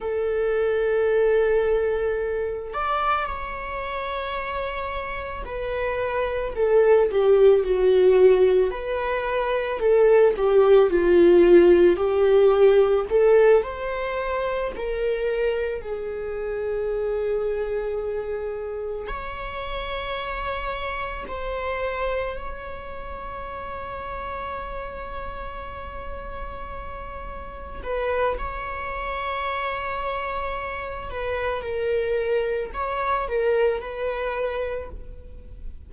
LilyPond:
\new Staff \with { instrumentName = "viola" } { \time 4/4 \tempo 4 = 55 a'2~ a'8 d''8 cis''4~ | cis''4 b'4 a'8 g'8 fis'4 | b'4 a'8 g'8 f'4 g'4 | a'8 c''4 ais'4 gis'4.~ |
gis'4. cis''2 c''8~ | c''8 cis''2.~ cis''8~ | cis''4. b'8 cis''2~ | cis''8 b'8 ais'4 cis''8 ais'8 b'4 | }